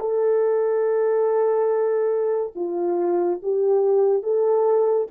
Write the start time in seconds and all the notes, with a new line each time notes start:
0.00 A4
2.55 F4
3.43 G4
4.23 A4